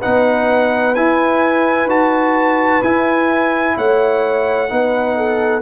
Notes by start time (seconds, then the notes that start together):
0.00 B3 D#4 B4 F#5
0.95 E4 G#5
1.86 D#4 F#4 A5
2.82 E4 G#5
3.77 A3 C#5 F#5
4.68 B3 D#4 B4
5.17 A4